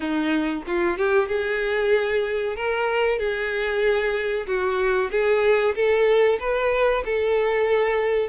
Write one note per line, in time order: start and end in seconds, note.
0.00 0.63 D#4
0.66 0.97 F4
0.97 1.28 G4
1.28 2.56 G#4
2.56 3.19 A#4
3.19 4.46 G#4
4.46 5.10 F#4
5.11 5.74 G#4
5.75 6.39 A4
6.39 7.03 B4
7.05 8.28 A4